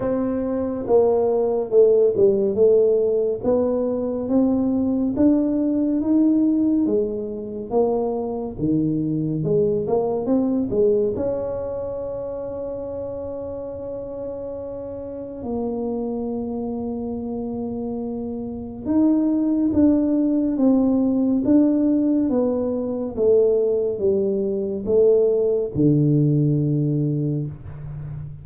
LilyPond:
\new Staff \with { instrumentName = "tuba" } { \time 4/4 \tempo 4 = 70 c'4 ais4 a8 g8 a4 | b4 c'4 d'4 dis'4 | gis4 ais4 dis4 gis8 ais8 | c'8 gis8 cis'2.~ |
cis'2 ais2~ | ais2 dis'4 d'4 | c'4 d'4 b4 a4 | g4 a4 d2 | }